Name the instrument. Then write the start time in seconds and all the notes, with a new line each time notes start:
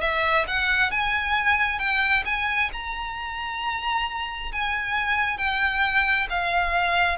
violin
0.00 E5
0.47 F#5
0.91 G#5
1.78 G5
2.25 G#5
2.72 A#5
4.52 G#5
5.38 G5
6.30 F5